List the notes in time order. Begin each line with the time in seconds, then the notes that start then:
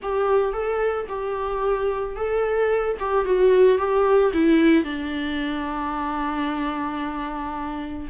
0.02 G4
0.52 A4
1.08 G4
2.15 A4
2.99 G4
3.25 F#4
3.78 G4
4.33 E4
4.84 D4